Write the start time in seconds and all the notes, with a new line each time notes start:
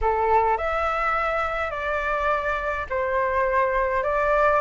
0.01 A4
0.57 E5
1.70 D5
2.89 C5
4.03 D5